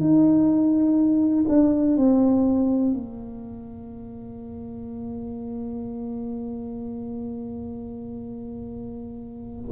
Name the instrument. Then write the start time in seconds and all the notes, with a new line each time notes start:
tuba
0.00 D#4
1.49 D4
1.97 C4
2.93 A#3